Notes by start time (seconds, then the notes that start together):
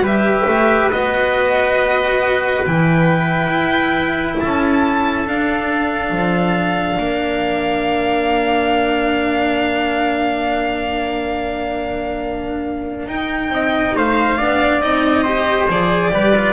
0.00 G3 G4 B4
0.07 E5
0.47 A3
0.91 B3 F#4 D#5
2.67 E3 E4 G5
3.49 E4
4.40 C#4 A4 A5
5.27 D4 F5
6.11 F3
6.99 A#3 A#4
13.07 D#4 G5
13.50 C4 D#5
13.97 A3 C5 F5
14.38 B3 D4 D5
14.82 C4 D#4 D#5
15.23 G4 C5
15.69 F3 G#4 D5
16.12 G3 G4 B4
16.36 F4